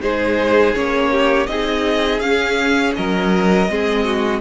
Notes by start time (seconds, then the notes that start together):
0.00 G#3 D#4 G#4 C5
0.74 A#3 C#4 C#5
1.11 G4
1.46 C4 D#4 G#4 D#5
2.19 C#4 F5
2.95 F#3 A#4 D#5
3.68 G#3 C4 G#4
4.04 F#4